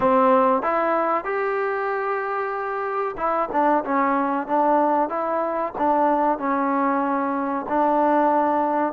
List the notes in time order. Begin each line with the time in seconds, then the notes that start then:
0.00 C4
0.62 E4
1.24 G4
3.17 E4
3.52 D4
3.84 C#4
4.47 D4
5.09 E4
5.78 D4
6.38 C#4
7.68 D4